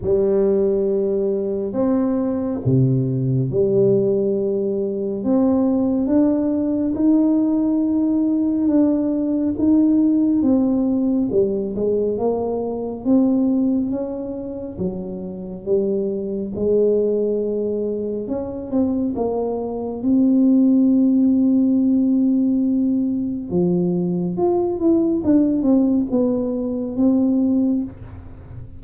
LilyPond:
\new Staff \with { instrumentName = "tuba" } { \time 4/4 \tempo 4 = 69 g2 c'4 c4 | g2 c'4 d'4 | dis'2 d'4 dis'4 | c'4 g8 gis8 ais4 c'4 |
cis'4 fis4 g4 gis4~ | gis4 cis'8 c'8 ais4 c'4~ | c'2. f4 | f'8 e'8 d'8 c'8 b4 c'4 | }